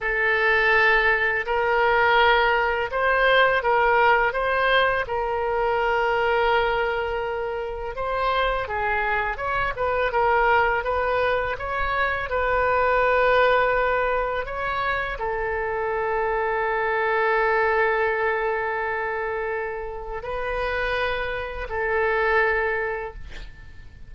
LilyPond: \new Staff \with { instrumentName = "oboe" } { \time 4/4 \tempo 4 = 83 a'2 ais'2 | c''4 ais'4 c''4 ais'4~ | ais'2. c''4 | gis'4 cis''8 b'8 ais'4 b'4 |
cis''4 b'2. | cis''4 a'2.~ | a'1 | b'2 a'2 | }